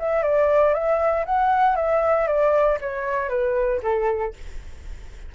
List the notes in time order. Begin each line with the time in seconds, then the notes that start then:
0.00 E5
0.23 D5
0.74 E5
1.26 F#5
1.76 E5
2.28 D5
2.81 C#5
3.30 B4
3.83 A4